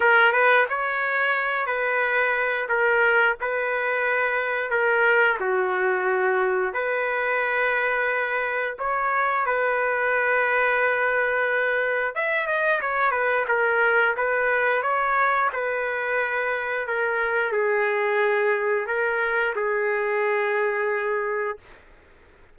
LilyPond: \new Staff \with { instrumentName = "trumpet" } { \time 4/4 \tempo 4 = 89 ais'8 b'8 cis''4. b'4. | ais'4 b'2 ais'4 | fis'2 b'2~ | b'4 cis''4 b'2~ |
b'2 e''8 dis''8 cis''8 b'8 | ais'4 b'4 cis''4 b'4~ | b'4 ais'4 gis'2 | ais'4 gis'2. | }